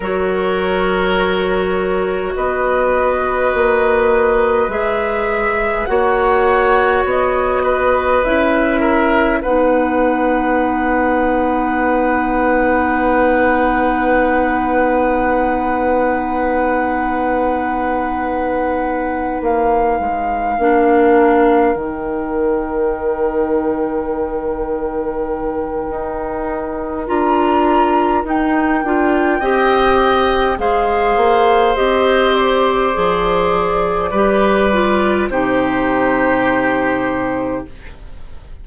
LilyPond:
<<
  \new Staff \with { instrumentName = "flute" } { \time 4/4 \tempo 4 = 51 cis''2 dis''2 | e''4 fis''4 dis''4 e''4 | fis''1~ | fis''1~ |
fis''8 f''2 g''4.~ | g''2. ais''4 | g''2 f''4 dis''8 d''8~ | d''2 c''2 | }
  \new Staff \with { instrumentName = "oboe" } { \time 4/4 ais'2 b'2~ | b'4 cis''4. b'4 ais'8 | b'1~ | b'1~ |
b'4. ais'2~ ais'8~ | ais'1~ | ais'4 dis''4 c''2~ | c''4 b'4 g'2 | }
  \new Staff \with { instrumentName = "clarinet" } { \time 4/4 fis'1 | gis'4 fis'2 e'4 | dis'1~ | dis'1~ |
dis'4. d'4 dis'4.~ | dis'2. f'4 | dis'8 f'8 g'4 gis'4 g'4 | gis'4 g'8 f'8 dis'2 | }
  \new Staff \with { instrumentName = "bassoon" } { \time 4/4 fis2 b4 ais4 | gis4 ais4 b4 cis'4 | b1~ | b1~ |
b8 ais8 gis8 ais4 dis4.~ | dis2 dis'4 d'4 | dis'8 d'8 c'4 gis8 ais8 c'4 | f4 g4 c2 | }
>>